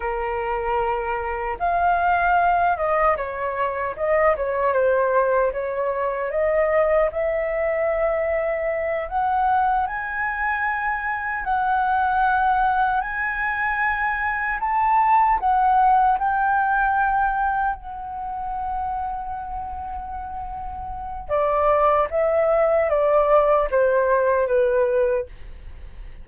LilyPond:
\new Staff \with { instrumentName = "flute" } { \time 4/4 \tempo 4 = 76 ais'2 f''4. dis''8 | cis''4 dis''8 cis''8 c''4 cis''4 | dis''4 e''2~ e''8 fis''8~ | fis''8 gis''2 fis''4.~ |
fis''8 gis''2 a''4 fis''8~ | fis''8 g''2 fis''4.~ | fis''2. d''4 | e''4 d''4 c''4 b'4 | }